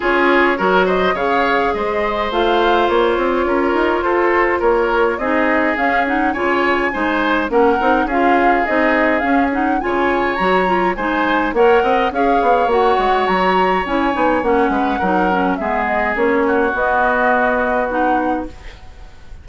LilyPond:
<<
  \new Staff \with { instrumentName = "flute" } { \time 4/4 \tempo 4 = 104 cis''4. dis''8 f''4 dis''4 | f''4 cis''2 c''4 | cis''4 dis''4 f''8 fis''8 gis''4~ | gis''4 fis''4 f''4 dis''4 |
f''8 fis''8 gis''4 ais''4 gis''4 | fis''4 f''4 fis''4 ais''4 | gis''4 fis''2 e''8 dis''8 | cis''4 dis''2 fis''4 | }
  \new Staff \with { instrumentName = "oboe" } { \time 4/4 gis'4 ais'8 c''8 cis''4 c''4~ | c''2 ais'4 a'4 | ais'4 gis'2 cis''4 | c''4 ais'4 gis'2~ |
gis'4 cis''2 c''4 | cis''8 dis''8 cis''2.~ | cis''4. b'8 ais'4 gis'4~ | gis'8 fis'2.~ fis'8 | }
  \new Staff \with { instrumentName = "clarinet" } { \time 4/4 f'4 fis'4 gis'2 | f'1~ | f'4 dis'4 cis'8 dis'8 f'4 | dis'4 cis'8 dis'8 f'4 dis'4 |
cis'8 dis'8 f'4 fis'8 f'8 dis'4 | ais'4 gis'4 fis'2 | e'8 dis'8 cis'4 dis'8 cis'8 b4 | cis'4 b2 dis'4 | }
  \new Staff \with { instrumentName = "bassoon" } { \time 4/4 cis'4 fis4 cis4 gis4 | a4 ais8 c'8 cis'8 dis'8 f'4 | ais4 c'4 cis'4 cis4 | gis4 ais8 c'8 cis'4 c'4 |
cis'4 cis4 fis4 gis4 | ais8 c'8 cis'8 b8 ais8 gis8 fis4 | cis'8 b8 ais8 gis8 fis4 gis4 | ais4 b2. | }
>>